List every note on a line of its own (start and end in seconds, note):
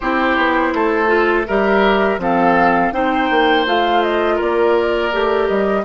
0.00 0.37 C4
0.00 1.07 E4
0.00 0.73 G4
0.00 1.45 C5
0.37 0.73 B3
0.74 1.47 A3
0.74 1.47 A4
1.07 1.44 F4
1.47 2.18 G3
1.47 2.19 G4
1.47 2.20 A#4
1.47 2.20 E5
2.18 2.91 F3
2.18 2.92 C4
2.18 2.94 A4
2.18 2.92 F5
2.92 3.29 C4
2.92 3.65 D#4
2.92 4.35 C5
2.92 3.65 G5
3.30 3.66 A#3
3.65 4.39 A3
3.65 5.12 F4
3.65 4.02 F5
4.02 4.39 D#5
4.35 5.13 A#3
4.35 5.82 A#4
4.35 5.47 D5
5.12 5.49 A3
5.12 5.85 G4
5.47 5.85 G3
5.47 5.84 D#5